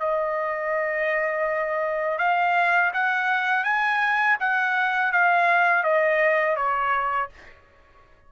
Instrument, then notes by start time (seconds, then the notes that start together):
trumpet
0.00 D#5
2.19 F5
2.94 F#5
3.65 G#5
4.40 F#5
5.13 F5
5.84 D#5
6.57 C#5